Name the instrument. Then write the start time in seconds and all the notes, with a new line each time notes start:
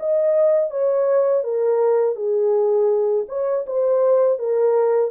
horn
0.00 D#5
0.71 C#5
1.44 A#4
2.16 G#4
3.29 C#5
3.67 C5
4.39 A#4